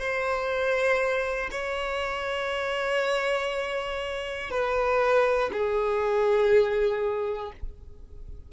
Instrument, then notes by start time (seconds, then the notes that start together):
violin
0.00 C5
1.51 C#5
4.50 B4
5.52 G#4